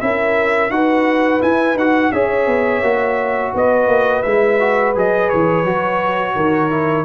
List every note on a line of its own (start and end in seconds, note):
0.00 0.69 C#4
0.00 0.70 E4
0.00 0.72 A#4
0.00 0.70 E5
0.69 1.40 D#4
0.69 1.40 F#4
0.69 2.13 B4
0.69 1.41 F#5
1.40 1.75 E4
1.40 1.77 G#5
1.75 2.10 D#4
1.75 2.13 F#4
1.75 2.12 F#5
2.12 2.46 C#4
2.12 2.83 G#4
2.12 3.54 C#5
2.12 3.53 E5
2.46 2.81 B3
2.81 3.52 A#3
2.81 4.24 F#4
3.54 3.87 B3
3.54 6.35 B4
3.54 4.22 D#5
3.87 4.22 A#3
4.22 4.95 G#3
4.22 4.59 E4
4.22 4.92 E5
4.59 4.95 F#4
4.95 5.31 F#3
4.95 5.65 G#4
4.95 5.29 D#5
5.29 5.63 E3
5.29 7.05 C#5
5.63 6.34 F#3
5.63 6.70 F#4
6.35 7.05 D#3
6.35 7.05 A#4
6.70 7.05 E4